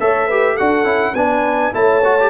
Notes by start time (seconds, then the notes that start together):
0.00 A3 A4 C#5 E5
0.27 G4 B4
0.54 F#4 A4 F#5
0.60 D4
0.84 C#4 E4
1.14 B3 D4 B4 G#5
1.73 A3 E4 C#5 A5
2.04 F#4
2.20 G4